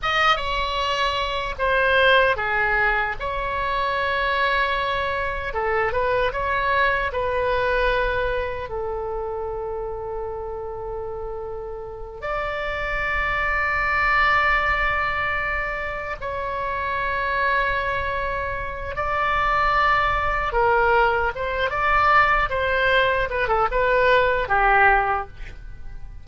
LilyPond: \new Staff \with { instrumentName = "oboe" } { \time 4/4 \tempo 4 = 76 dis''8 cis''4. c''4 gis'4 | cis''2. a'8 b'8 | cis''4 b'2 a'4~ | a'2.~ a'8 d''8~ |
d''1~ | d''8 cis''2.~ cis''8 | d''2 ais'4 c''8 d''8~ | d''8 c''4 b'16 a'16 b'4 g'4 | }